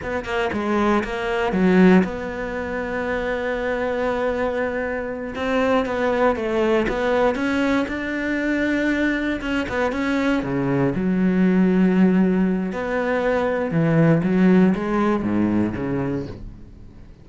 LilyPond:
\new Staff \with { instrumentName = "cello" } { \time 4/4 \tempo 4 = 118 b8 ais8 gis4 ais4 fis4 | b1~ | b2~ b8 c'4 b8~ | b8 a4 b4 cis'4 d'8~ |
d'2~ d'8 cis'8 b8 cis'8~ | cis'8 cis4 fis2~ fis8~ | fis4 b2 e4 | fis4 gis4 gis,4 cis4 | }